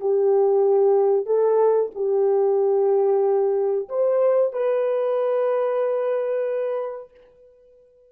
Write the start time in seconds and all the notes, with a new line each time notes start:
0.00 G4
1.26 A4
1.94 G4
3.89 C5
4.52 B4